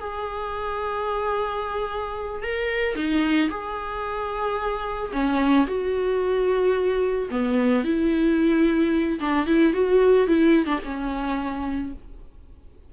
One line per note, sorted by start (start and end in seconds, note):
0.00 2.43 G#4
2.43 2.96 A#4
2.96 3.50 D#4
3.50 5.12 G#4
5.13 5.67 C#4
5.67 7.29 F#4
7.31 7.85 B3
7.85 9.20 E4
9.20 9.47 D4
9.47 9.73 E4
9.73 10.28 F#4
10.28 10.66 E4
10.66 10.80 D4
10.85 11.93 C#4